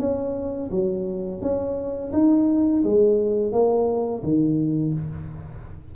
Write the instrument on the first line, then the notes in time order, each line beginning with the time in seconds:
tuba
0.00 C#4
0.71 F#3
1.42 C#4
2.13 D#4
2.84 G#3
3.53 A#3
4.24 D#3